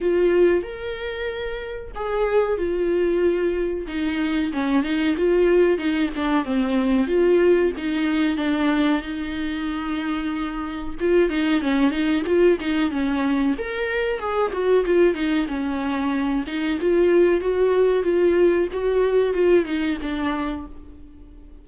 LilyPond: \new Staff \with { instrumentName = "viola" } { \time 4/4 \tempo 4 = 93 f'4 ais'2 gis'4 | f'2 dis'4 cis'8 dis'8 | f'4 dis'8 d'8 c'4 f'4 | dis'4 d'4 dis'2~ |
dis'4 f'8 dis'8 cis'8 dis'8 f'8 dis'8 | cis'4 ais'4 gis'8 fis'8 f'8 dis'8 | cis'4. dis'8 f'4 fis'4 | f'4 fis'4 f'8 dis'8 d'4 | }